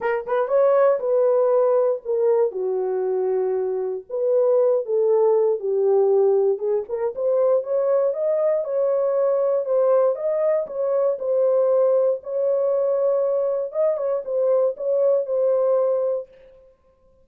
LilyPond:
\new Staff \with { instrumentName = "horn" } { \time 4/4 \tempo 4 = 118 ais'8 b'8 cis''4 b'2 | ais'4 fis'2. | b'4. a'4. g'4~ | g'4 gis'8 ais'8 c''4 cis''4 |
dis''4 cis''2 c''4 | dis''4 cis''4 c''2 | cis''2. dis''8 cis''8 | c''4 cis''4 c''2 | }